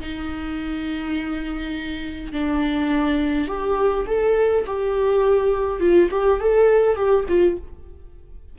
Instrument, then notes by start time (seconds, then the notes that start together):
viola
0.00 D#4
2.32 D4
3.47 G4
4.06 A4
4.67 G4
5.80 F4
6.11 G4
6.40 A4
6.95 G4
7.28 F4